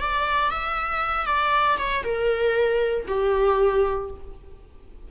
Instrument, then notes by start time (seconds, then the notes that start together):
viola
0.00 D5
0.50 E5
1.26 D5
1.78 C#5
2.03 A#4
3.08 G4